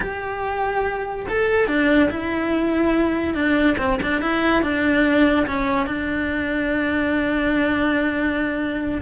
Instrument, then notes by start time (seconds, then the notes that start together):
cello
0.00 G4
1.29 A4
1.67 D4
2.10 E4
3.34 D4
3.78 C4
4.02 D4
4.21 E4
4.62 D4
5.47 C#4
5.86 D4